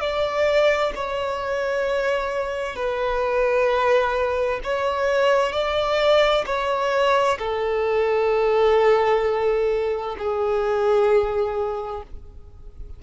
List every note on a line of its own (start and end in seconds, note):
0.00 0.92 D5
0.95 2.75 C#5
2.75 4.60 B4
4.63 5.52 C#5
5.52 6.44 D5
6.46 7.38 C#5
7.38 10.15 A4
10.18 12.03 G#4